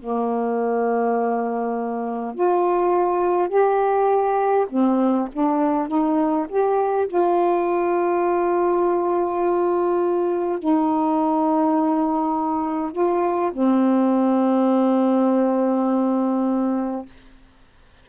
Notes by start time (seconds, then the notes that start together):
0.00 A#3
2.35 F4
3.49 G4
4.70 C4
5.33 D4
5.88 D#4
6.49 G4
7.08 F4
10.59 D#4
12.93 F4
13.53 C4